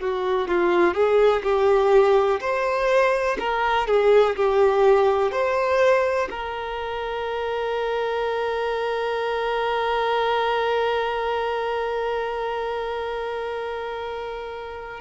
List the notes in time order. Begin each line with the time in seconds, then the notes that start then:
0.00 F#4
0.48 F4
0.94 G#4
1.43 G4
2.40 C5
3.39 A#4
3.87 G#4
4.36 G4
5.32 C5
6.30 A#4